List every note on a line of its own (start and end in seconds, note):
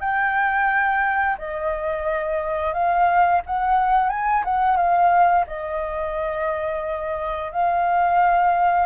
0.00 1.36 G5
1.38 2.73 D#5
2.73 3.42 F5
3.46 4.09 F#5
4.09 4.43 G#5
4.44 4.77 F#5
4.77 5.45 F5
5.47 7.52 D#5
7.52 8.86 F5